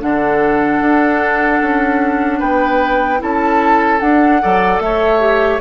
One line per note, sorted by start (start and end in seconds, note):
0.00 0.80 D3
0.00 3.19 D4
0.00 2.39 A4
0.00 2.41 F#5
0.80 1.60 D4
1.61 2.41 C#4
2.39 3.21 B3
2.39 3.19 B4
2.39 3.21 G5
3.19 4.02 C#4
3.19 3.99 E4
3.19 4.42 A4
3.19 4.00 A5
4.00 4.40 D4
4.00 4.42 D4
4.00 4.80 F#5
4.42 4.79 F#3
4.42 5.20 A4
4.42 4.82 D5
4.79 5.60 A3
4.79 5.60 C#5
4.79 5.60 E5
5.20 5.60 G4